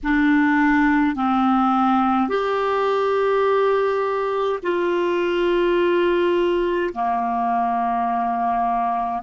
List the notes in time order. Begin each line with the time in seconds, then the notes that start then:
0.03 D4
1.15 C4
2.28 G4
4.62 F4
6.93 A#3